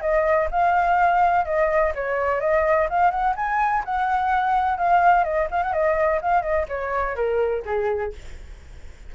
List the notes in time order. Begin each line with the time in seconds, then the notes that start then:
0.00 D#5
0.51 F5
1.45 D#5
1.94 C#5
2.40 D#5
2.89 F5
3.10 F#5
3.36 G#5
3.84 F#5
4.77 F5
5.24 D#5
5.50 F5
5.63 F#5
5.73 D#5
6.21 F5
6.42 D#5
6.68 C#5
7.15 A#4
7.65 G#4